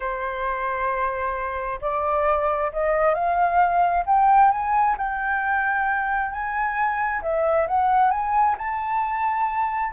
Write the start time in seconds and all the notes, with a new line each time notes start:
0.00 C5
1.81 D5
2.72 D#5
3.14 F5
4.06 G5
4.51 G#5
4.97 G5
6.31 G#5
7.22 E5
7.67 F#5
8.10 G#5
8.58 A5